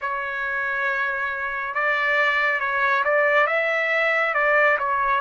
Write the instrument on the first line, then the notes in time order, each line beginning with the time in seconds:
trumpet
0.01 C#5
1.74 D5
2.60 C#5
3.04 D5
3.47 E5
4.34 D5
4.78 C#5